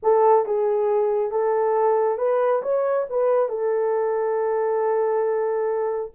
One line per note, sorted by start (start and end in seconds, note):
0.02 0.45 A4
0.45 1.31 G#4
1.31 2.18 A4
2.18 2.61 B4
2.62 3.06 C#5
3.09 3.49 B4
3.49 6.11 A4